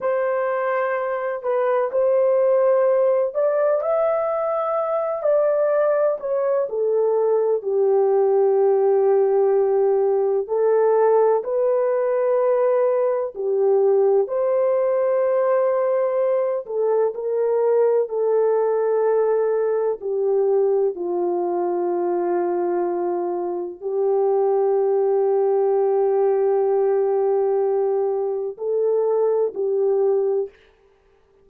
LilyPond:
\new Staff \with { instrumentName = "horn" } { \time 4/4 \tempo 4 = 63 c''4. b'8 c''4. d''8 | e''4. d''4 cis''8 a'4 | g'2. a'4 | b'2 g'4 c''4~ |
c''4. a'8 ais'4 a'4~ | a'4 g'4 f'2~ | f'4 g'2.~ | g'2 a'4 g'4 | }